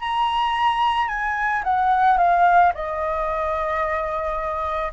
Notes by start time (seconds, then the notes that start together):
0.00 A#5
1.08 G#5
1.64 F#5
2.18 F5
2.74 D#5